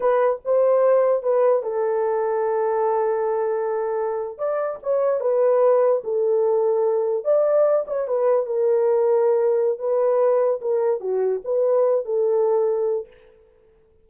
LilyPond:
\new Staff \with { instrumentName = "horn" } { \time 4/4 \tempo 4 = 147 b'4 c''2 b'4 | a'1~ | a'2~ a'8. d''4 cis''16~ | cis''8. b'2 a'4~ a'16~ |
a'4.~ a'16 d''4. cis''8 b'16~ | b'8. ais'2.~ ais'16 | b'2 ais'4 fis'4 | b'4. a'2~ a'8 | }